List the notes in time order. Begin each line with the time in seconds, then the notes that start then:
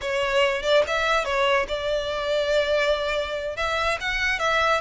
0.01 C#5
0.62 D5
0.87 E5
1.24 C#5
1.67 D5
3.56 E5
4.00 F#5
4.39 E5